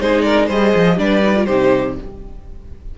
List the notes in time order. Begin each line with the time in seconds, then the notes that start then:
0.00 G#3 D#4 G#4 C5
0.22 A#4 D5
0.46 G3 G#4 C5 D#5
0.75 F3
0.97 G3 D4 B4 D5
1.22 D#4
1.36 F4
1.45 C3 D#4 G4 C5